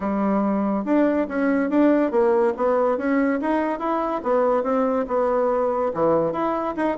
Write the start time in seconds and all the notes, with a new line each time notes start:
0.00 G3
0.85 D4
1.28 C#4
1.70 D4
2.11 A#3
2.56 B3
2.97 C#4
3.41 D#4
3.79 E4
4.23 B3
4.63 C4
5.07 B3
5.94 E3
6.32 E4
6.76 D#4